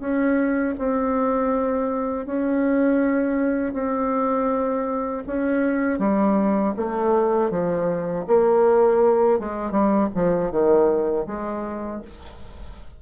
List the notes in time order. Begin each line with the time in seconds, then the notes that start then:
0.00 C#4
0.79 C4
2.26 C#4
3.74 C4
5.27 C#4
5.99 G3
6.77 A3
7.51 F3
8.27 A#3
9.40 G#3
9.71 G3
10.15 F3
10.51 D#3
11.27 G#3